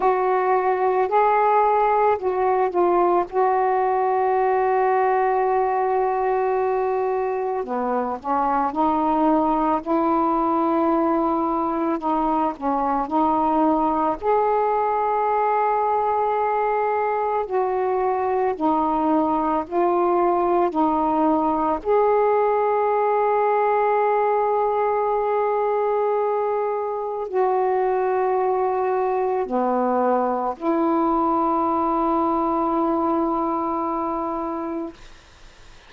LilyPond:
\new Staff \with { instrumentName = "saxophone" } { \time 4/4 \tempo 4 = 55 fis'4 gis'4 fis'8 f'8 fis'4~ | fis'2. b8 cis'8 | dis'4 e'2 dis'8 cis'8 | dis'4 gis'2. |
fis'4 dis'4 f'4 dis'4 | gis'1~ | gis'4 fis'2 b4 | e'1 | }